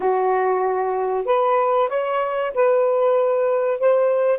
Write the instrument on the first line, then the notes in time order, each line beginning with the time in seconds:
saxophone
0.00 F#4
1.25 B4
1.88 C#5
2.54 B4
3.79 C5